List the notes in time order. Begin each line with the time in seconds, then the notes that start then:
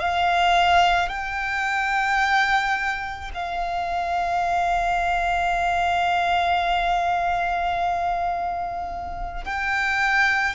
0.00 F5
1.09 G5
3.34 F5
9.45 G5